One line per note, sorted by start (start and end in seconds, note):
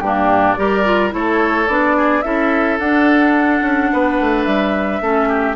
0.00 0.56 G2
0.00 0.57 A#3
0.00 0.59 D4
0.00 0.53 G4
0.53 1.14 G3
0.53 0.85 G4
0.53 1.14 A#4
0.53 1.09 D5
0.85 1.11 F4
1.11 1.68 A3
1.11 1.66 E4
1.11 1.97 A4
1.11 1.68 C#5
1.68 2.23 B3
1.68 2.23 D4
1.68 2.22 D5
1.97 2.24 G#4
2.22 2.79 C#4
2.22 2.79 E4
2.22 3.92 A4
2.22 2.78 E5
2.79 3.62 D4
2.79 5.02 D4
2.79 4.44 F#5
3.62 3.89 C#4
3.93 4.20 B3
3.93 5.02 B4
4.20 4.47 A3
4.44 5.01 G3
4.44 5.55 E5
5.01 5.56 A3
5.01 5.56 C#4
5.01 5.28 A4
5.28 5.56 G4